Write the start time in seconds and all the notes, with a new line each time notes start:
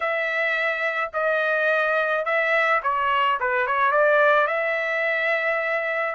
0.00 E5
1.13 D#5
2.25 E5
2.82 C#5
3.40 B4
3.67 C#5
3.91 D5
4.47 E5